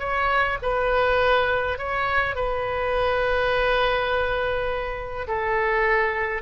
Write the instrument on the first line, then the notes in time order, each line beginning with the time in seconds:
oboe
0.00 C#5
0.63 B4
1.78 C#5
2.36 B4
5.28 A4